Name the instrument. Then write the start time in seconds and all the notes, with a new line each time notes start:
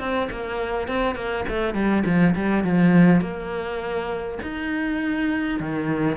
cello
0.00 C4
0.31 A#3
0.88 C4
1.16 A#3
1.49 A3
1.75 G3
2.06 F3
2.36 G3
2.64 F3
3.21 A#3
4.43 D#4
5.60 D#3